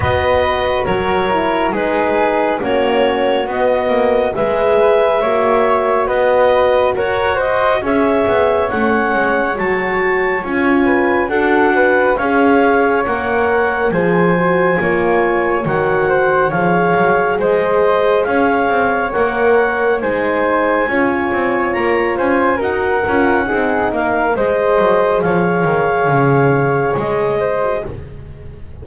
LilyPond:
<<
  \new Staff \with { instrumentName = "clarinet" } { \time 4/4 \tempo 4 = 69 dis''4 cis''4 b'4 cis''4 | dis''4 e''2 dis''4 | cis''8 dis''8 e''4 fis''4 a''4 | gis''4 fis''4 f''4 fis''4 |
gis''2 fis''4 f''4 | dis''4 f''4 fis''4 gis''4~ | gis''4 ais''8 gis''8 fis''4. f''8 | dis''4 f''2 dis''4 | }
  \new Staff \with { instrumentName = "flute" } { \time 4/4 b'4 ais'4 gis'4 fis'4~ | fis'4 b'4 cis''4 b'4 | ais'8 c''8 cis''2.~ | cis''8 b'8 a'8 b'8 cis''2 |
c''4 cis''4. c''8 cis''4 | c''4 cis''2 c''4 | cis''4. c''8 ais'4 gis'8 ais'8 | c''4 cis''2~ cis''8 c''8 | }
  \new Staff \with { instrumentName = "horn" } { \time 4/4 fis'4. e'8 dis'4 cis'4 | b4 gis'4 fis'2~ | fis'4 gis'4 cis'4 fis'4 | f'4 fis'4 gis'4 ais'4 |
gis'8 fis'8 f'4 fis'4 gis'4~ | gis'2 ais'4 dis'4 | f'2 fis'8 f'8 dis'4 | gis'2.~ gis'8. fis'16 | }
  \new Staff \with { instrumentName = "double bass" } { \time 4/4 b4 fis4 gis4 ais4 | b8 ais8 gis4 ais4 b4 | fis'4 cis'8 b8 a8 gis8 fis4 | cis'4 d'4 cis'4 ais4 |
f4 ais4 dis4 f8 fis8 | gis4 cis'8 c'8 ais4 gis4 | cis'8 c'8 ais8 cis'8 dis'8 cis'8 c'8 ais8 | gis8 fis8 f8 dis8 cis4 gis4 | }
>>